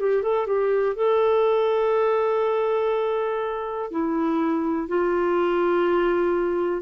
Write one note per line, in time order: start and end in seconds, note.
0.00 0.23 G4
0.23 0.47 A4
0.47 0.96 G4
0.96 3.91 A4
3.91 4.88 E4
4.88 6.82 F4